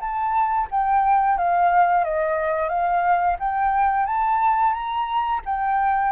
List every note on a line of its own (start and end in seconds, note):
0.00 0.67 A5
0.70 1.38 G5
1.38 2.04 F5
2.04 2.69 D#5
2.69 3.36 F5
3.39 4.06 G5
4.06 4.73 A5
4.73 5.41 A#5
5.45 6.11 G5